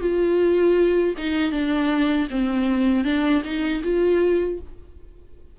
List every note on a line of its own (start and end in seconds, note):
0.00 1.14 F4
1.17 1.51 D#4
1.51 2.27 D4
2.30 3.04 C4
3.04 3.42 D4
3.44 3.82 D#4
3.83 4.59 F4